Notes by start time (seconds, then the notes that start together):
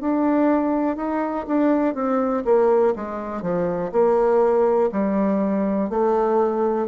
0.00 D4
0.96 D#4
1.47 D4
1.94 C4
2.45 A#3
2.96 G#3
3.42 F3
3.92 A#3
4.92 G3
5.89 A3